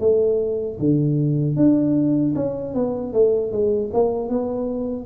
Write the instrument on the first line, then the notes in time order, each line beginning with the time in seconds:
tuba
0.00 A3
0.80 D3
1.57 D4
2.36 C#4
2.74 B3
3.13 A3
3.52 G#3
3.94 A#3
4.30 B3